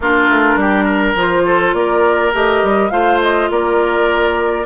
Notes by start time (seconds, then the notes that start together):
0.00 A#3 D4 F4 A#4
0.28 A3
0.56 G3 G4
0.84 A#4
1.14 F3 F4 C5
1.45 A4
1.73 A#3 A#4 D5
2.33 A3 G4 D#5
2.63 G3
2.90 A3 F4 C5 F5
3.21 D#5
3.50 A#3 A#4 D5